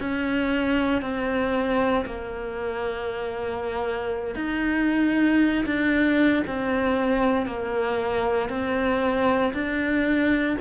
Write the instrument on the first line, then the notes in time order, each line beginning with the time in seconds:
cello
0.00 C#4
1.02 C4
2.05 A#3
4.35 D#4
5.66 D4
6.47 C4
7.47 A#3
8.49 C4
9.54 D4